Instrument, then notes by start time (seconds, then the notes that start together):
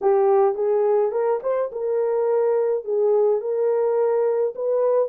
horn
0.01 G4
0.55 G#4
1.11 A#4
1.42 C5
1.72 A#4
2.84 G#4
3.40 A#4
4.55 B4